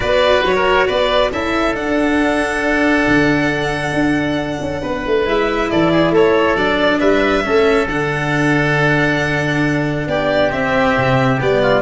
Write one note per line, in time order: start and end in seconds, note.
0.00 0.43 B3
0.00 1.30 F#4
0.00 0.55 B4
0.00 0.43 D5
0.43 0.87 F#3
0.43 0.87 C#5
0.55 0.86 A#4
0.86 1.31 B3
0.86 1.30 B4
0.86 1.31 D5
1.31 1.74 C#4
1.31 1.75 E4
1.31 4.81 A4
1.31 1.75 E5
1.74 3.05 D4
1.74 5.25 D4
1.74 5.26 F#5
3.07 3.92 D3
3.92 4.57 D4
4.60 4.82 C#4
4.81 5.04 B3
4.81 5.69 B4
5.06 5.25 A3
5.25 5.69 G#3
5.25 6.56 E4
5.25 5.70 E5
5.70 6.10 E3
5.70 5.91 A4
5.70 6.14 D5
5.91 6.12 G#4
6.10 6.54 A3
6.10 6.99 A4
6.10 6.56 C#5
6.55 6.99 F#3
6.55 7.44 D4
6.55 7.00 D5
6.99 7.45 G3
6.99 7.43 B4
6.99 7.87 E5
7.44 7.87 A3
7.44 7.87 C#4
7.44 10.08 A4
7.87 10.06 D3
7.87 10.50 D4
7.87 10.08 F#5
10.06 10.50 B3
10.06 11.61 G4
10.06 10.52 D5
10.50 11.37 C4
10.50 10.95 C4
10.50 11.39 E5
10.97 11.40 C3
11.40 11.82 G3
11.40 11.82 B3
11.40 11.82 D5
11.62 11.82 F4